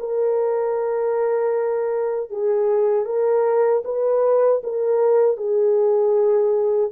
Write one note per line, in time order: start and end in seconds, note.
0.00 2.30 A#4
2.30 3.06 G#4
3.06 3.83 A#4
3.85 4.62 B4
4.64 5.37 A#4
5.37 6.91 G#4